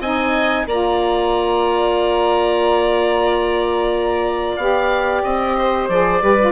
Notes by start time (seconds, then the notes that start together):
0.00 C4 D#4 D#5 G#5
0.66 A#3 F4 D5 A#5
4.57 B3 G4 F5
5.24 C4 D#5
5.58 C5
5.89 F3 G#4 D5
6.21 G3 G4 B4
6.39 F4